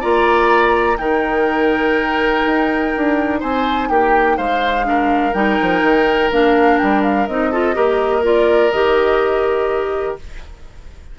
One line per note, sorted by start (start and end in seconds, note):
0.00 0.98 A#3
0.00 0.97 F4
0.00 0.97 D5
0.00 0.97 A#5
0.97 2.43 D#3
0.97 4.84 D#4
0.97 3.40 A#4
0.97 3.39 G5
2.46 2.94 D#4
2.96 3.42 D4
3.40 3.89 C4
3.40 3.88 C5
3.40 3.89 G#5
3.89 4.37 A#3
3.89 4.37 G4
3.89 4.37 G5
4.37 5.33 G#3
4.37 4.85 C5
4.37 5.33 F5
4.84 5.32 D4
4.84 7.51 A#4
5.33 5.58 G3
5.33 6.30 D#4
5.33 6.30 G5
5.61 5.81 F3
5.81 6.30 D#3
6.31 6.79 A#3
6.31 7.28 D4
6.31 6.77 F5
6.77 7.27 G3
6.77 7.02 G5
7.02 7.27 F5
7.27 7.76 C4
7.27 7.52 D#4
7.27 8.23 D#5
7.51 7.73 F4
7.51 7.75 A4
7.73 8.72 A#3
7.73 8.22 G4
7.73 10.17 A#4
8.22 8.71 F4
8.22 8.71 D5
8.71 10.17 D#3
8.71 10.18 G4
8.71 10.16 D#5